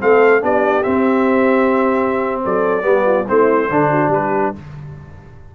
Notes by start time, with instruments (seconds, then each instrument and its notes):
0.00 tuba A3, trombone C4, horn A4, trumpet F5
0.41 tuba B3, trombone D4, horn G4, trumpet D5
0.83 trombone C4, tuba C4, trumpet E5
2.44 tuba F#3, horn A4, trumpet D5
2.82 tuba G3, trombone B3, horn G4
3.06 horn F4
3.28 tuba A3, trombone C4, horn E4, trumpet C5
3.70 tuba D3, trombone D4, horn A4
3.91 horn F#4
4.08 tuba G3, horn G4, trumpet B4